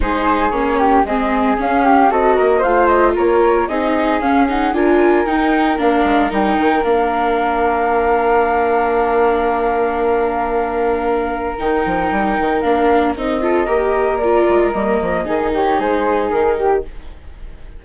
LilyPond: <<
  \new Staff \with { instrumentName = "flute" } { \time 4/4 \tempo 4 = 114 c''4 cis''4 dis''4 f''4 | dis''4 f''8 dis''8 cis''4 dis''4 | f''8 fis''8 gis''4 g''4 f''4 | g''4 f''2.~ |
f''1~ | f''2 g''2 | f''4 dis''2 d''4 | dis''4. cis''8 c''4 ais'4 | }
  \new Staff \with { instrumentName = "flute" } { \time 4/4 gis'4. g'8 gis'4. g'8 | a'8 ais'8 c''4 ais'4 gis'4~ | gis'4 ais'2.~ | ais'1~ |
ais'1~ | ais'1~ | ais'4. a'8 ais'2~ | ais'4 gis'8 g'8 gis'4. g'8 | }
  \new Staff \with { instrumentName = "viola" } { \time 4/4 dis'4 cis'4 c'4 cis'4 | fis'4 f'2 dis'4 | cis'8 dis'8 f'4 dis'4 d'4 | dis'4 d'2.~ |
d'1~ | d'2 dis'2 | d'4 dis'8 f'8 g'4 f'4 | ais4 dis'2. | }
  \new Staff \with { instrumentName = "bassoon" } { \time 4/4 gis4 ais4 gis4 cis'4 | c'8 ais8 a4 ais4 c'4 | cis'4 d'4 dis'4 ais8 gis8 | g8 dis8 ais2.~ |
ais1~ | ais2 dis8 f8 g8 dis8 | ais4 c'4 ais4. gis8 | g8 f8 dis4 gis4 dis4 | }
>>